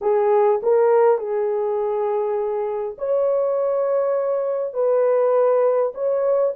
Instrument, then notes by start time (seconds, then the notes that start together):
horn
0.01 G#4
0.62 A#4
1.17 G#4
2.98 C#5
4.73 B4
5.94 C#5